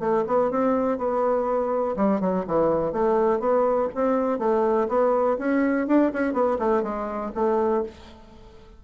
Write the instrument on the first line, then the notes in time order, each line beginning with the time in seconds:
bassoon
0.00 A3
0.27 B3
0.51 C4
0.99 B3
1.97 G3
2.21 F#3
2.48 E3
2.93 A3
3.40 B3
3.95 C4
4.39 A3
4.89 B3
5.39 C#4
5.88 D4
6.14 C#4
6.34 B3
6.59 A3
6.83 G#3
7.35 A3